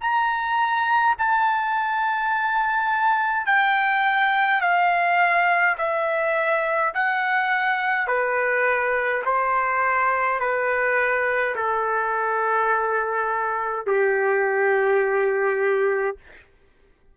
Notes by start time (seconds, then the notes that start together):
0.00 A#5
1.18 A5
3.46 G5
4.60 F5
5.77 E5
6.94 F#5
8.07 B4
9.25 C5
10.40 B4
11.55 A4
13.86 G4